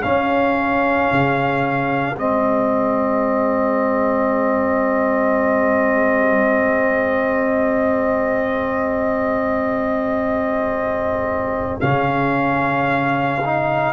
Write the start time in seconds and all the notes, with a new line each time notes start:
0.00 C#4 G#4 F5
1.12 C#3
2.16 G#3 C4 D#5
11.80 C#3 C#4 F5
13.45 D#4